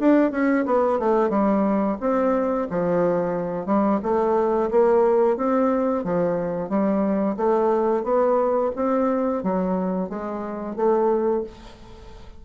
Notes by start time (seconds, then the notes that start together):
0.00 D4
0.32 C#4
0.66 B3
1.00 A3
1.30 G3
2.01 C4
2.71 F3
3.67 G3
4.03 A3
4.72 A#3
5.37 C4
6.05 F3
6.70 G3
7.37 A3
8.04 B3
8.76 C4
9.44 F#3
10.10 G#3
10.77 A3